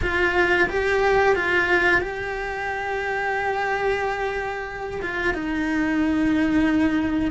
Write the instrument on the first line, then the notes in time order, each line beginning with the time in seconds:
cello
0.02 F4
0.69 G4
1.35 F4
2.01 G4
5.02 F4
5.34 D#4